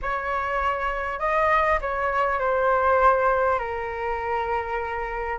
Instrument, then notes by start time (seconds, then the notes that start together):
flute
0.01 C#5
1.19 D#5
1.81 C#5
2.39 C5
3.58 A#4